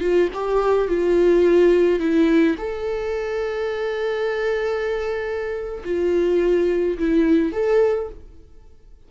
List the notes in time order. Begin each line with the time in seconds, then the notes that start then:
0.00 F4
0.34 G4
0.88 F4
1.99 E4
2.58 A4
5.84 F4
6.98 E4
7.52 A4